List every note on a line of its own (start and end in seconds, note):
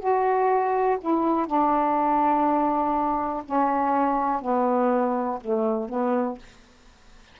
0.00 0.98 F#4
1.01 1.47 E4
1.47 3.44 D4
3.46 4.42 C#4
4.42 5.40 B3
5.41 5.89 A3
5.89 6.39 B3